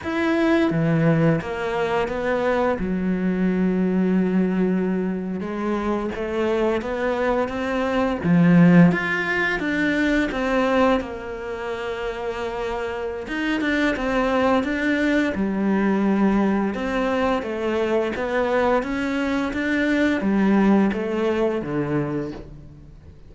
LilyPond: \new Staff \with { instrumentName = "cello" } { \time 4/4 \tempo 4 = 86 e'4 e4 ais4 b4 | fis2.~ fis8. gis16~ | gis8. a4 b4 c'4 f16~ | f8. f'4 d'4 c'4 ais16~ |
ais2. dis'8 d'8 | c'4 d'4 g2 | c'4 a4 b4 cis'4 | d'4 g4 a4 d4 | }